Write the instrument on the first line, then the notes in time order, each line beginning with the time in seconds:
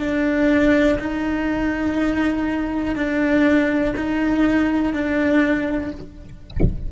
cello
0.00 D4
0.99 D#4
2.95 D4
3.96 D#4
4.93 D4